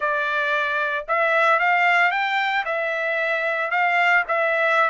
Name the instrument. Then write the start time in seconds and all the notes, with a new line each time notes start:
trumpet
0.00 D5
1.08 E5
1.59 F5
2.11 G5
2.65 E5
3.70 F5
4.27 E5